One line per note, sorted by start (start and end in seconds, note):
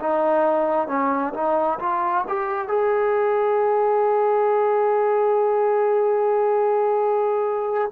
0.00 0.88 D#4
0.88 1.33 C#4
1.34 1.79 D#4
1.80 2.25 F4
2.29 2.69 G4
2.69 7.91 G#4